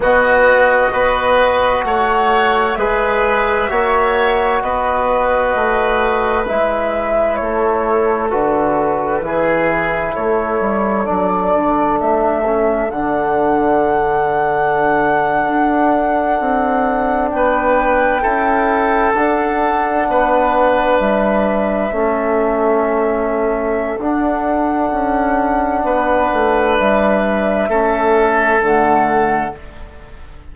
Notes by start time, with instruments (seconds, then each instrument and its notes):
0.00 bassoon B2, trombone B3, oboe F#4, flute D#5
0.91 bassoon B3, trombone F#4, oboe B4
1.84 bassoon A3, oboe C#5, flute F#5
2.74 bassoon G#3, trombone G#4, oboe B4, flute E5
3.68 bassoon A#3, trombone F#4, oboe C#5
4.61 bassoon B3, oboe B4, flute D#5
5.54 bassoon A3
6.46 bassoon G#3, trombone E4, flute E5
7.35 bassoon A3, oboe A4, flute C#5
8.30 bassoon D3, trombone F#4, flute B4
9.20 bassoon E3, trombone E4, oboe G#4
10.14 bassoon A3, oboe A4, flute C#5
10.60 bassoon G3
11.05 bassoon F#3, trombone D4, flute D5
11.54 bassoon D3
11.99 bassoon A3, flute E5
12.45 trombone C#4
12.90 bassoon D3, trombone D4, flute F#5
15.47 bassoon D4
16.40 bassoon C4
17.29 bassoon B3, oboe B4, flute G5
18.22 bassoon C#4, trombone E4, oboe A4
19.13 bassoon D4, trombone D4, flute F#5
20.07 bassoon B3, oboe B4
20.99 bassoon G3, flute E5
21.91 bassoon A3, trombone C#4, oboe A4
23.98 bassoon D4, trombone D4, flute F#5
24.91 bassoon C#4
25.83 bassoon B3, oboe B4
26.32 bassoon A3
26.77 bassoon G3, flute E5
27.68 bassoon A3, trombone C#4, oboe A4
28.60 bassoon D3, trombone A3, flute F#5